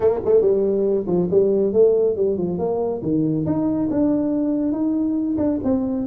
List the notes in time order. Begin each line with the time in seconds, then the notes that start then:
0.00 A#3
0.25 A3
0.41 G3
1.07 F3
1.30 G3
1.72 A3
2.16 G3
2.37 F3
2.58 A#3
3.02 D#3
3.45 D#4
3.90 D4
4.72 D#4
5.37 D4
5.63 C4